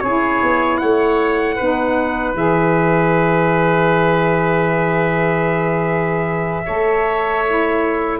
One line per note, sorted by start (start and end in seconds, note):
0.00 0.42 C#4
0.00 1.59 E4
0.00 0.81 G#4
0.00 0.77 C#5
0.43 0.82 B3
0.77 1.60 A3
0.77 1.56 C#5
0.77 2.33 F#5
1.56 2.34 B3
1.56 2.36 D#4
1.56 6.62 B4
2.34 6.63 E3
2.34 6.64 G#4
2.34 8.20 E5
6.65 8.20 A3
6.65 7.46 A4
6.65 8.20 C#5
7.47 8.20 E4